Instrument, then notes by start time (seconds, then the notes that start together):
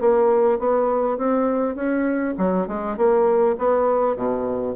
bassoon
0.00 A#3
0.59 B3
1.17 C4
1.75 C#4
2.37 F#3
2.67 G#3
2.96 A#3
3.58 B3
4.16 B2